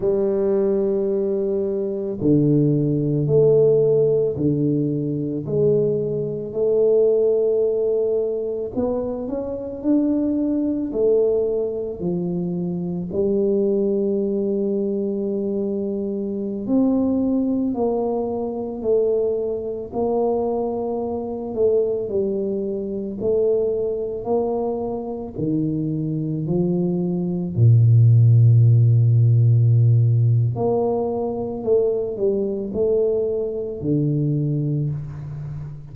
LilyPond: \new Staff \with { instrumentName = "tuba" } { \time 4/4 \tempo 4 = 55 g2 d4 a4 | d4 gis4 a2 | b8 cis'8 d'4 a4 f4 | g2.~ g16 c'8.~ |
c'16 ais4 a4 ais4. a16~ | a16 g4 a4 ais4 dis8.~ | dis16 f4 ais,2~ ais,8. | ais4 a8 g8 a4 d4 | }